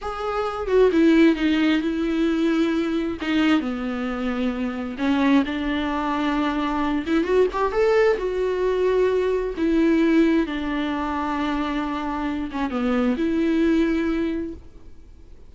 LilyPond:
\new Staff \with { instrumentName = "viola" } { \time 4/4 \tempo 4 = 132 gis'4. fis'8 e'4 dis'4 | e'2. dis'4 | b2. cis'4 | d'2.~ d'8 e'8 |
fis'8 g'8 a'4 fis'2~ | fis'4 e'2 d'4~ | d'2.~ d'8 cis'8 | b4 e'2. | }